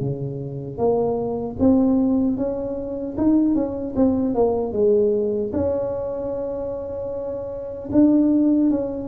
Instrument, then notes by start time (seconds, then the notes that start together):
tuba
0.00 C#3
0.77 A#3
1.59 C4
2.36 C#4
3.17 D#4
3.55 C#4
3.95 C4
4.34 A#3
4.72 G#3
5.53 C#4
7.92 D4
8.70 C#4